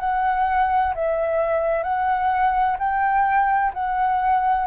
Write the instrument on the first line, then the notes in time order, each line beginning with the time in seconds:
flute
0.00 F#5
0.95 E5
1.83 F#5
2.79 G5
3.73 F#5